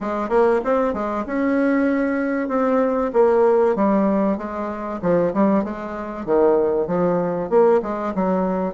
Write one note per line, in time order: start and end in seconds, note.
0.01 0.29 G#3
0.29 0.60 A#3
0.64 0.93 C4
0.93 1.24 G#3
1.26 2.48 C#4
2.48 3.11 C4
3.13 3.75 A#3
3.75 4.37 G3
4.37 5.00 G#3
5.02 5.33 F3
5.33 5.64 G3
5.64 6.25 G#3
6.25 6.87 D#3
6.87 7.49 F3
7.49 7.80 A#3
7.82 8.13 G#3
8.14 8.74 F#3